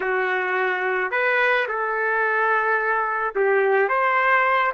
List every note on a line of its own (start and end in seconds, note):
0.00 1.11 F#4
1.11 1.66 B4
1.67 3.34 A4
3.35 3.89 G4
3.89 4.72 C5